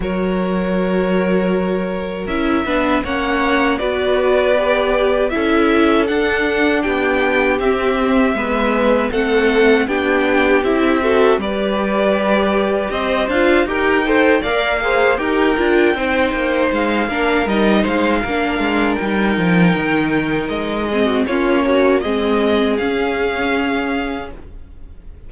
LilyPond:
<<
  \new Staff \with { instrumentName = "violin" } { \time 4/4 \tempo 4 = 79 cis''2. e''4 | fis''4 d''2 e''4 | fis''4 g''4 e''2 | fis''4 g''4 e''4 d''4~ |
d''4 dis''8 f''8 g''4 f''4 | g''2 f''4 dis''8 f''8~ | f''4 g''2 dis''4 | cis''4 dis''4 f''2 | }
  \new Staff \with { instrumentName = "violin" } { \time 4/4 ais'2.~ ais'8 b'8 | cis''4 b'2 a'4~ | a'4 g'2 b'4 | a'4 g'4. a'8 b'4~ |
b'4 c''4 ais'8 c''8 d''8 c''8 | ais'4 c''4. ais'4 c''8 | ais'2.~ ais'8 gis'16 fis'16 | f'8 cis'8 gis'2. | }
  \new Staff \with { instrumentName = "viola" } { \time 4/4 fis'2. e'8 d'8 | cis'4 fis'4 g'4 e'4 | d'2 c'4 b4 | c'4 d'4 e'8 fis'8 g'4~ |
g'4. f'8 g'8 a'8 ais'8 gis'8 | g'8 f'8 dis'4. d'8 dis'4 | d'4 dis'2~ dis'8 c'8 | cis'8 fis'8 c'4 cis'2 | }
  \new Staff \with { instrumentName = "cello" } { \time 4/4 fis2. cis'8 b8 | ais4 b2 cis'4 | d'4 b4 c'4 gis4 | a4 b4 c'4 g4~ |
g4 c'8 d'8 dis'4 ais4 | dis'8 d'8 c'8 ais8 gis8 ais8 g8 gis8 | ais8 gis8 g8 f8 dis4 gis4 | ais4 gis4 cis'2 | }
>>